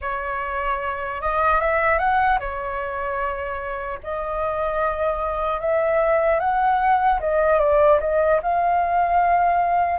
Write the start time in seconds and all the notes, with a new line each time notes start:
0.01 C#5
1.21 D#5
1.60 E5
1.99 F#5
2.39 C#5
4.03 D#5
5.60 E5
6.39 F#5
7.20 D#5
7.59 D5
8.00 D#5
8.42 F5